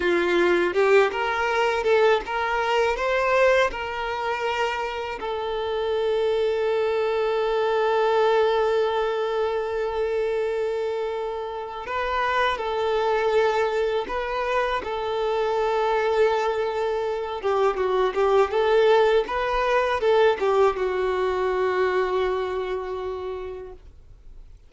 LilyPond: \new Staff \with { instrumentName = "violin" } { \time 4/4 \tempo 4 = 81 f'4 g'8 ais'4 a'8 ais'4 | c''4 ais'2 a'4~ | a'1~ | a'1 |
b'4 a'2 b'4 | a'2.~ a'8 g'8 | fis'8 g'8 a'4 b'4 a'8 g'8 | fis'1 | }